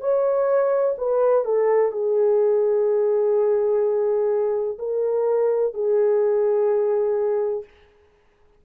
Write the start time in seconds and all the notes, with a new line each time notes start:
0.00 C#5
0.98 B4
1.44 A4
1.92 G#4
4.78 A#4
5.74 G#4